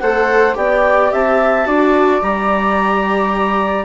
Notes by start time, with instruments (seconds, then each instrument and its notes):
0.00 bassoon A3, viola A4, flute C5, clarinet F#5
0.53 bassoon B3, viola G4, flute D5, clarinet G5
1.12 bassoon C4, flute E5, clarinet A5
1.65 bassoon D4, viola F#4, flute D5
2.21 bassoon G3, viola G4, clarinet A#5